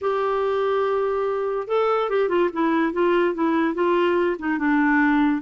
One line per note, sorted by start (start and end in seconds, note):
0.01 1.67 G4
1.67 2.09 A4
2.09 2.29 G4
2.29 2.49 F4
2.52 2.92 E4
2.92 3.34 F4
3.34 3.74 E4
3.74 4.36 F4
4.39 4.58 D#4
4.58 5.41 D4